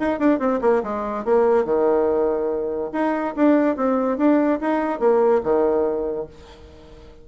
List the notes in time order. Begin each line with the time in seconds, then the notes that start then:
0.00 D#4
0.20 D4
0.39 C4
0.62 A#3
0.84 G#3
1.25 A#3
1.65 D#3
2.93 D#4
3.37 D4
3.77 C4
4.18 D4
4.61 D#4
5.00 A#3
5.44 D#3